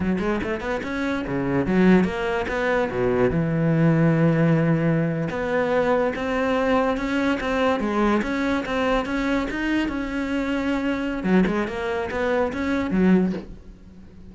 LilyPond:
\new Staff \with { instrumentName = "cello" } { \time 4/4 \tempo 4 = 144 fis8 gis8 a8 b8 cis'4 cis4 | fis4 ais4 b4 b,4 | e1~ | e8. b2 c'4~ c'16~ |
c'8. cis'4 c'4 gis4 cis'16~ | cis'8. c'4 cis'4 dis'4 cis'16~ | cis'2. fis8 gis8 | ais4 b4 cis'4 fis4 | }